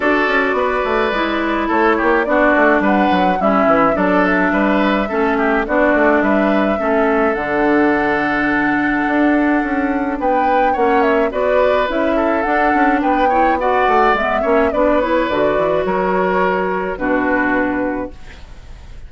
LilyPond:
<<
  \new Staff \with { instrumentName = "flute" } { \time 4/4 \tempo 4 = 106 d''2. cis''4 | d''4 fis''4 e''4 d''8 e''8~ | e''2 d''4 e''4~ | e''4 fis''2.~ |
fis''2 g''4 fis''8 e''8 | d''4 e''4 fis''4 g''4 | fis''4 e''4 d''8 cis''8 d''4 | cis''2 b'2 | }
  \new Staff \with { instrumentName = "oboe" } { \time 4/4 a'4 b'2 a'8 g'8 | fis'4 b'4 e'4 a'4 | b'4 a'8 g'8 fis'4 b'4 | a'1~ |
a'2 b'4 cis''4 | b'4. a'4. b'8 cis''8 | d''4. cis''8 b'2 | ais'2 fis'2 | }
  \new Staff \with { instrumentName = "clarinet" } { \time 4/4 fis'2 e'2 | d'2 cis'4 d'4~ | d'4 cis'4 d'2 | cis'4 d'2.~ |
d'2. cis'4 | fis'4 e'4 d'4. e'8 | fis'4 b8 cis'8 d'8 e'8 fis'4~ | fis'2 d'2 | }
  \new Staff \with { instrumentName = "bassoon" } { \time 4/4 d'8 cis'8 b8 a8 gis4 a8 ais8 | b8 a8 g8 fis8 g8 e8 fis4 | g4 a4 b8 a8 g4 | a4 d2. |
d'4 cis'4 b4 ais4 | b4 cis'4 d'8 cis'8 b4~ | b8 a8 gis8 ais8 b4 d8 e8 | fis2 b,2 | }
>>